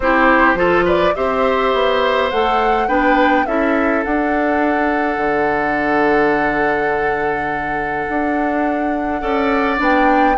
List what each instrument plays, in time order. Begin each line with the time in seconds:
0.00 bassoon C4, clarinet E4, oboe G4, flute C5
0.54 bassoon F3, clarinet F4, oboe A4
0.84 oboe B4, flute D5
1.15 bassoon C4, clarinet G4, oboe C5, flute E5
1.73 bassoon B3
2.30 bassoon A3, clarinet A4, flute F#5
2.88 bassoon B3, clarinet D4, oboe B4, flute G5
3.46 bassoon C#4, clarinet E4, oboe A4, flute E5
4.03 clarinet D4, bassoon D4, flute F#5
5.17 bassoon D3
8.09 bassoon D4
9.21 bassoon C#4, clarinet A4, oboe D5
9.77 bassoon B3, clarinet D4, flute G5